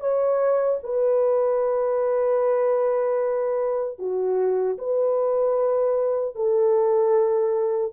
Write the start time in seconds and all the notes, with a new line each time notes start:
0.00 C#5
0.83 B4
3.99 F#4
4.78 B4
6.35 A4